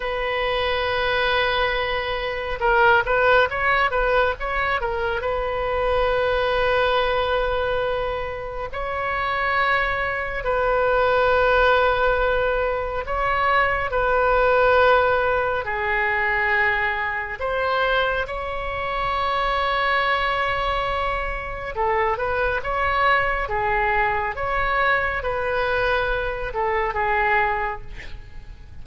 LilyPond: \new Staff \with { instrumentName = "oboe" } { \time 4/4 \tempo 4 = 69 b'2. ais'8 b'8 | cis''8 b'8 cis''8 ais'8 b'2~ | b'2 cis''2 | b'2. cis''4 |
b'2 gis'2 | c''4 cis''2.~ | cis''4 a'8 b'8 cis''4 gis'4 | cis''4 b'4. a'8 gis'4 | }